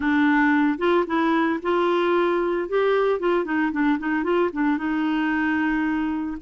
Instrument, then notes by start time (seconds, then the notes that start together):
clarinet
0.00 D4
0.78 F4
1.06 E4
1.62 F4
2.68 G4
3.19 F4
3.44 D#4
3.72 D4
3.98 D#4
4.23 F4
4.53 D4
4.77 D#4